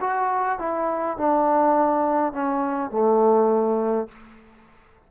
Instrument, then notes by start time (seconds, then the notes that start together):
trombone
0.00 F#4
0.59 E4
1.17 D4
2.32 C#4
2.91 A3